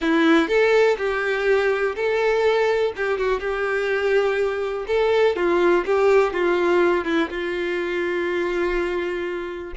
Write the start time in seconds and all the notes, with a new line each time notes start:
0.01 E4
0.48 A4
0.97 G4
1.95 A4
2.96 G4
3.18 F#4
3.39 G4
4.87 A4
5.36 F4
5.85 G4
6.33 F4
7.04 E4
7.29 F4